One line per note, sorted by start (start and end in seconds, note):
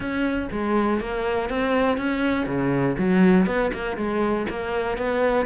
0.00 0.48 C#4
0.51 1.00 G#3
1.00 1.49 A#3
1.49 1.97 C4
1.97 2.46 C#4
2.46 2.95 C#3
2.98 3.46 F#3
3.46 3.71 B3
3.73 3.97 A#3
3.97 4.46 G#3
4.49 4.97 A#3
4.97 5.45 B3